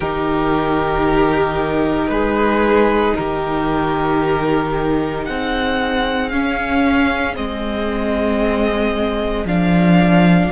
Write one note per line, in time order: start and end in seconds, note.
0.00 2.08 D#3
0.00 6.31 D#4
0.00 2.10 G4
0.00 2.08 A#4
2.08 3.14 G#3
2.08 3.16 G#4
2.08 3.13 B4
3.15 5.28 D#3
3.15 5.27 G4
3.15 5.24 A#4
5.24 6.32 C4
5.24 10.52 G#4
5.24 6.29 F#5
6.29 7.35 C#4
6.29 7.37 C#4
6.29 7.34 F5
7.35 9.45 G#3
7.35 9.46 C4
7.35 9.46 D#5
9.45 10.50 F3
9.45 10.52 D4
9.45 10.52 F5